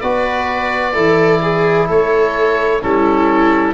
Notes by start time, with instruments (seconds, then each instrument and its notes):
0.00 tuba B3, trombone F#4, viola B4, oboe D5
0.93 tuba E3, trombone E4, viola A4
1.41 viola G#4
1.88 tuba A3, viola A4, oboe C#5
2.80 tuba G3, trombone C#4, viola E4, oboe A4